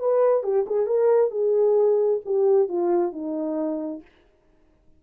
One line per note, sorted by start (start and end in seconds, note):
0.00 0.44 B4
0.44 0.66 G4
0.67 0.87 G#4
0.87 1.31 A#4
1.31 2.21 G#4
2.26 2.68 G4
2.68 3.13 F4
3.13 4.02 D#4